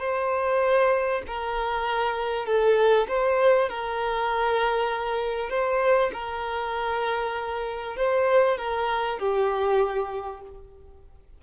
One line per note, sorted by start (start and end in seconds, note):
0.00 1.22 C5
1.27 2.46 A#4
2.46 3.08 A4
3.08 3.70 C5
3.70 5.50 A#4
5.50 6.11 C5
6.13 7.97 A#4
7.97 8.58 C5
8.58 9.19 A#4
9.19 10.42 G4